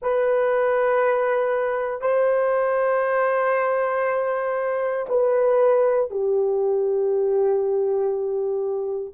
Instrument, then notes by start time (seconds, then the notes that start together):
horn
0.02 B4
2.01 C5
5.08 B4
6.10 G4